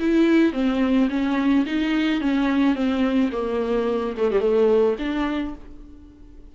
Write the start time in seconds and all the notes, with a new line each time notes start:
0.00 E4
0.53 C4
1.10 C#4
1.66 D#4
2.21 C#4
2.75 C4
3.33 A#3
4.18 A3
4.32 G3
4.40 A3
4.99 D4